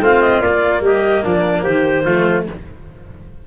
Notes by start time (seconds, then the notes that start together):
0.00 A3 C4 F4 F5
0.21 D#5
0.40 A#3 D5
0.80 G3 G4 D#5
1.23 F3 D4 D5
1.63 D#3 G4 C5
2.05 F3 A3 F4